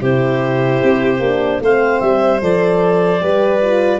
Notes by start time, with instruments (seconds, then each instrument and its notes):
0.00 tuba C3, horn E4, violin G4, clarinet C5
0.83 tuba C4
1.19 tuba A#3, horn D4
1.61 tuba A3, horn C4, violin C5, clarinet F5
2.00 tuba G3, clarinet E5
2.41 tuba F3, horn A4, clarinet D5
3.21 tuba G3, horn G4, violin B4
3.61 horn F4